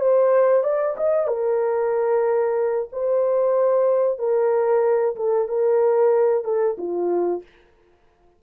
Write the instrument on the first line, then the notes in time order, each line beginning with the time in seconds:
horn
0.00 C5
0.63 D5
0.97 D#5
1.27 A#4
2.92 C5
4.18 A#4
5.16 A4
5.48 A#4
6.44 A4
6.78 F4